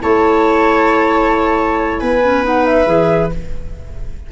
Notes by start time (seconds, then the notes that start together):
0.00 A3 E4 C#5 A5
1.99 B3 B4 G#5
2.22 C#4
2.43 D#4 F#5
2.65 E5
2.85 E3 G#4